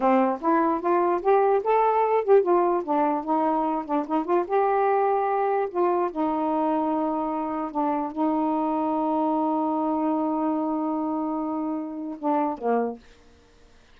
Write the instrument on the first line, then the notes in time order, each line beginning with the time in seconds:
saxophone
0.00 C4
0.41 E4
0.80 F4
1.22 G4
1.63 A4
2.24 G4
2.42 F4
2.84 D4
3.24 D#4
3.85 D4
4.07 D#4
4.24 F4
4.47 G4
5.70 F4
6.11 D#4
7.71 D4
8.12 D#4
12.18 D4
12.58 A#3